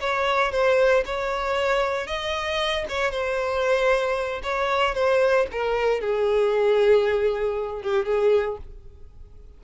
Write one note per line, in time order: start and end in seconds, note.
0.00 0.51 C#5
0.51 1.04 C5
1.05 2.07 C#5
2.07 2.85 D#5
2.89 3.11 C#5
3.11 4.41 C5
4.43 4.94 C#5
4.94 5.46 C5
5.51 6.00 A#4
6.00 7.82 G#4
7.82 8.05 G4
8.05 8.57 G#4